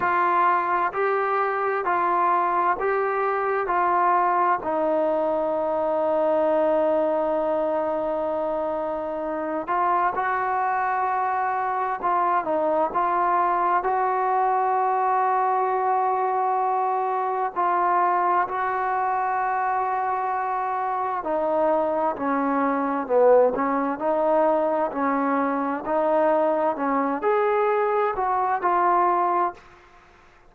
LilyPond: \new Staff \with { instrumentName = "trombone" } { \time 4/4 \tempo 4 = 65 f'4 g'4 f'4 g'4 | f'4 dis'2.~ | dis'2~ dis'8 f'8 fis'4~ | fis'4 f'8 dis'8 f'4 fis'4~ |
fis'2. f'4 | fis'2. dis'4 | cis'4 b8 cis'8 dis'4 cis'4 | dis'4 cis'8 gis'4 fis'8 f'4 | }